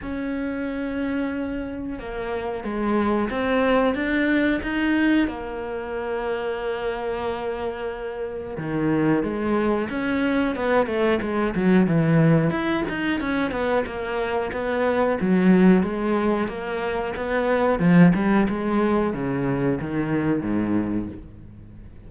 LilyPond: \new Staff \with { instrumentName = "cello" } { \time 4/4 \tempo 4 = 91 cis'2. ais4 | gis4 c'4 d'4 dis'4 | ais1~ | ais4 dis4 gis4 cis'4 |
b8 a8 gis8 fis8 e4 e'8 dis'8 | cis'8 b8 ais4 b4 fis4 | gis4 ais4 b4 f8 g8 | gis4 cis4 dis4 gis,4 | }